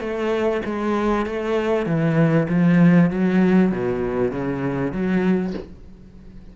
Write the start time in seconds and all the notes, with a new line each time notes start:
0.00 A3
0.65 G#3
1.26 A3
1.86 E3
2.49 F3
3.11 F#3
3.72 B2
4.32 C#3
4.93 F#3